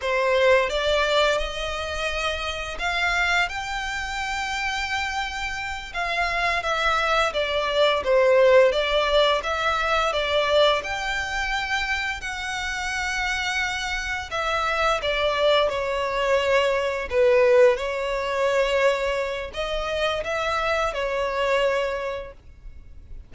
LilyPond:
\new Staff \with { instrumentName = "violin" } { \time 4/4 \tempo 4 = 86 c''4 d''4 dis''2 | f''4 g''2.~ | g''8 f''4 e''4 d''4 c''8~ | c''8 d''4 e''4 d''4 g''8~ |
g''4. fis''2~ fis''8~ | fis''8 e''4 d''4 cis''4.~ | cis''8 b'4 cis''2~ cis''8 | dis''4 e''4 cis''2 | }